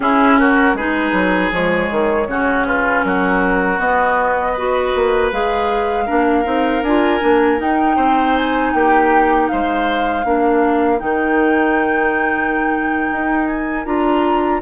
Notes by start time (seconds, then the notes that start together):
0.00 C#4 E4 G#4
0.38 F#4 A#4
0.74 G#3 D#4 G#4 B4
1.12 F#3
1.52 F3 G#3 C#5
1.91 D#3
2.27 C#3 C#4 F#4
2.66 F4 B4
3.04 F#3 F#4 A#4
3.79 B3 D#5
4.52 F#4 B4
4.95 A#3
5.31 G#3 G#4 F5
6.06 A#3 D4 A#4
6.44 C4 D#4
6.82 D4 F4 G#5
7.20 A#3 D4
7.57 D#4 G5
7.96 C4 C5
8.37 G#5
8.73 A#3 G4 G5
9.48 G#3 C5 F5
10.23 A#3 D4 A#4
10.98 D#3 D#4 G5
13.12 D#4
13.46 G#5
13.85 D4 F4 A#5